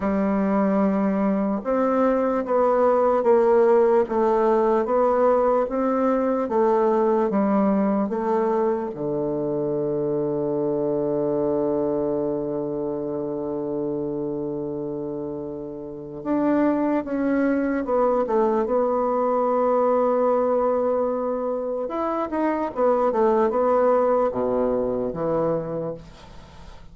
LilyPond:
\new Staff \with { instrumentName = "bassoon" } { \time 4/4 \tempo 4 = 74 g2 c'4 b4 | ais4 a4 b4 c'4 | a4 g4 a4 d4~ | d1~ |
d1 | d'4 cis'4 b8 a8 b4~ | b2. e'8 dis'8 | b8 a8 b4 b,4 e4 | }